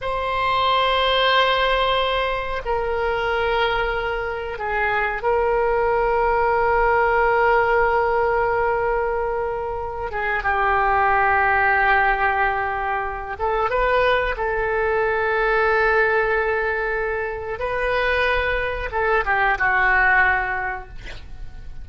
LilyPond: \new Staff \with { instrumentName = "oboe" } { \time 4/4 \tempo 4 = 92 c''1 | ais'2. gis'4 | ais'1~ | ais'2.~ ais'8 gis'8 |
g'1~ | g'8 a'8 b'4 a'2~ | a'2. b'4~ | b'4 a'8 g'8 fis'2 | }